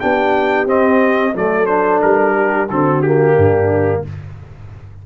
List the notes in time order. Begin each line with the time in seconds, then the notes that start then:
0.00 B3 D4 G4 G5
0.67 C4 D#5
1.34 F#3 A3 A4 D5
1.66 D4 C5
2.02 G3 A#4
2.35 G4
2.70 D3 C4 F#4 A4
3.02 A#3 G4
3.35 G2 D4